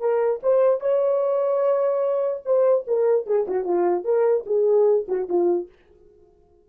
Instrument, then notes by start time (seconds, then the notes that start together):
horn
0.00 A#4
0.43 C5
0.81 C#5
2.45 C5
2.87 A#4
3.26 G#4
3.47 F#4
3.64 F4
4.04 A#4
4.46 G#4
5.08 F#4
5.29 F4